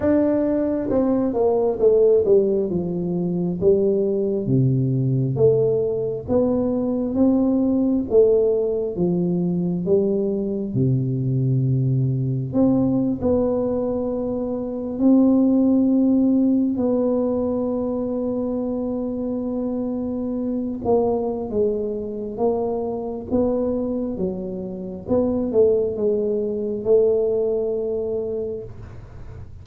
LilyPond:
\new Staff \with { instrumentName = "tuba" } { \time 4/4 \tempo 4 = 67 d'4 c'8 ais8 a8 g8 f4 | g4 c4 a4 b4 | c'4 a4 f4 g4 | c2 c'8. b4~ b16~ |
b8. c'2 b4~ b16~ | b2.~ b16 ais8. | gis4 ais4 b4 fis4 | b8 a8 gis4 a2 | }